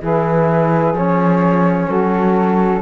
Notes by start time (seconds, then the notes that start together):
0.00 E3 E4 G#4 B4
0.93 F3 C#4 C#5
1.88 F#3 F#4 A4